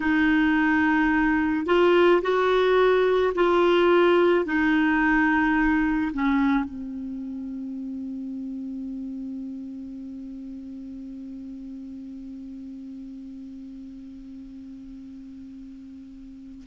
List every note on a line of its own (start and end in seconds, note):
0.00 1.66 D#4
1.66 2.21 F4
2.22 3.33 F#4
3.34 4.44 F4
4.44 6.11 D#4
6.13 6.64 C#4
6.64 16.64 C4